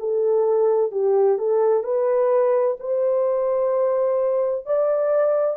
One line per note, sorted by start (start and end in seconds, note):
0.00 0.92 A4
0.92 1.38 G4
1.38 1.84 A4
1.84 2.77 B4
2.80 4.66 C5
4.66 5.57 D5